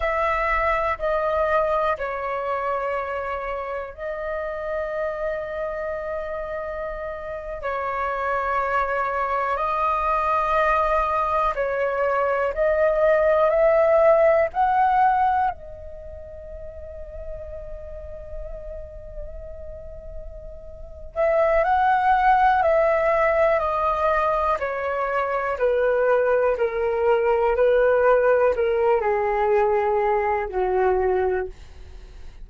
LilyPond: \new Staff \with { instrumentName = "flute" } { \time 4/4 \tempo 4 = 61 e''4 dis''4 cis''2 | dis''2.~ dis''8. cis''16~ | cis''4.~ cis''16 dis''2 cis''16~ | cis''8. dis''4 e''4 fis''4 dis''16~ |
dis''1~ | dis''4. e''8 fis''4 e''4 | dis''4 cis''4 b'4 ais'4 | b'4 ais'8 gis'4. fis'4 | }